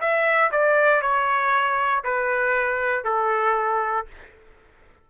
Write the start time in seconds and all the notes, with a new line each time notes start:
0.00 E5
0.51 D5
1.01 C#5
2.04 B4
3.04 A4